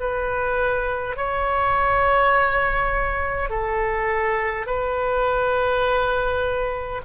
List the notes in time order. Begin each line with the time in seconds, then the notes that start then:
0.00 B4
1.17 C#5
3.50 A4
4.66 B4